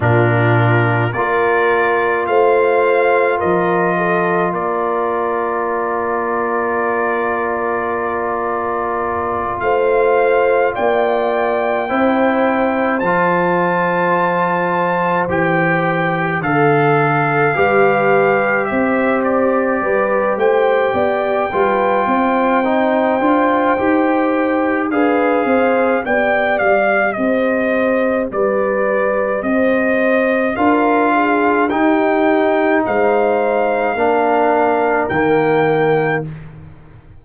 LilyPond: <<
  \new Staff \with { instrumentName = "trumpet" } { \time 4/4 \tempo 4 = 53 ais'4 d''4 f''4 dis''4 | d''1~ | d''8 f''4 g''2 a''8~ | a''4. g''4 f''4.~ |
f''8 e''8 d''4 g''2~ | g''2 f''4 g''8 f''8 | dis''4 d''4 dis''4 f''4 | g''4 f''2 g''4 | }
  \new Staff \with { instrumentName = "horn" } { \time 4/4 f'4 ais'4 c''4 ais'8 a'8 | ais'1~ | ais'8 c''4 d''4 c''4.~ | c''2~ c''8 a'4 b'8~ |
b'8 c''4 b'8 c''8 d''8 b'8 c''8~ | c''2 b'8 c''8 d''4 | c''4 b'4 c''4 ais'8 gis'8 | g'4 c''4 ais'2 | }
  \new Staff \with { instrumentName = "trombone" } { \time 4/4 d'4 f'2.~ | f'1~ | f'2~ f'8 e'4 f'8~ | f'4. g'4 a'4 g'8~ |
g'2. f'4 | dis'8 f'8 g'4 gis'4 g'4~ | g'2. f'4 | dis'2 d'4 ais4 | }
  \new Staff \with { instrumentName = "tuba" } { \time 4/4 ais,4 ais4 a4 f4 | ais1~ | ais8 a4 ais4 c'4 f8~ | f4. e4 d4 g8~ |
g8 c'4 g8 a8 b8 g8 c'8~ | c'8 d'8 dis'4 d'8 c'8 b8 g8 | c'4 g4 c'4 d'4 | dis'4 gis4 ais4 dis4 | }
>>